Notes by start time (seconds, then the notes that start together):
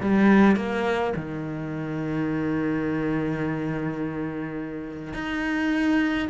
0.00 G3
0.56 A#3
1.16 D#3
5.14 D#4